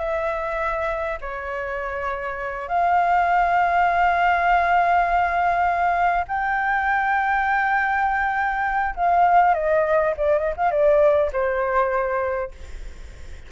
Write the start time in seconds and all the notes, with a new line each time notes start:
0.00 E5
1.22 C#5
2.68 F5
6.28 G5
8.96 F5
9.55 D#5
10.17 D5
10.39 D#5
10.57 F5
10.71 D5
11.33 C5